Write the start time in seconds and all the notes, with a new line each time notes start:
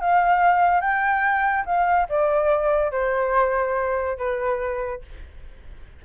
0.00 F5
0.80 G5
1.65 F5
2.09 D5
2.91 C5
4.17 B4